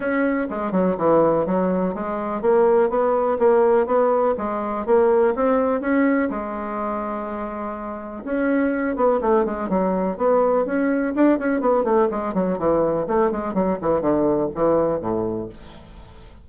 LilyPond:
\new Staff \with { instrumentName = "bassoon" } { \time 4/4 \tempo 4 = 124 cis'4 gis8 fis8 e4 fis4 | gis4 ais4 b4 ais4 | b4 gis4 ais4 c'4 | cis'4 gis2.~ |
gis4 cis'4. b8 a8 gis8 | fis4 b4 cis'4 d'8 cis'8 | b8 a8 gis8 fis8 e4 a8 gis8 | fis8 e8 d4 e4 a,4 | }